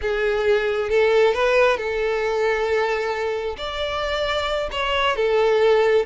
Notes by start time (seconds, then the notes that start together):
0.01 G#4
0.89 A4
1.34 B4
1.77 A4
3.57 D5
4.71 C#5
5.16 A4